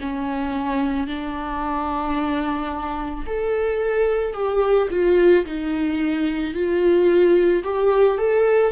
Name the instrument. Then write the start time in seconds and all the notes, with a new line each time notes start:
viola
0.00 C#4
1.07 D4
3.26 A4
4.33 G4
4.90 F4
5.45 D#4
6.54 F4
7.63 G4
8.18 A4